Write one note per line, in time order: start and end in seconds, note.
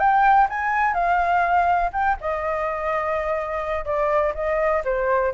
0.00 0.48 G5
0.50 0.94 G#5
0.94 1.91 F5
1.93 2.17 G5
2.21 3.86 D#5
3.86 4.34 D5
4.35 4.83 D#5
4.85 5.33 C5